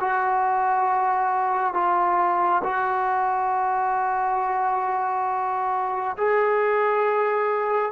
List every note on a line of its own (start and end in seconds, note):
0.00 1.74 F#4
1.74 2.62 F4
2.64 6.16 F#4
6.17 7.92 G#4